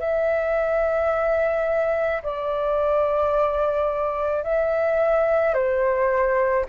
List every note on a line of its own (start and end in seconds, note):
0.00 2.22 E5
2.23 4.44 D5
4.44 5.55 E5
5.55 6.66 C5